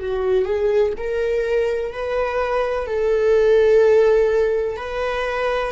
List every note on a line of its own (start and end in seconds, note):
0.00 0.45 F#4
0.45 0.93 G#4
0.97 1.93 A#4
1.93 2.87 B4
2.87 4.77 A4
4.77 5.72 B4